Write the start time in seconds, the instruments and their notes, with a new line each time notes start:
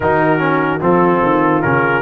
0.00 tuba D#3, trombone D#4, horn F#4, trumpet A#4
0.38 trombone C#4
0.80 tuba F3, trombone C4, horn F4, trumpet A4
1.22 tuba D#3
1.62 tuba C#3, trombone C#4, trumpet A#4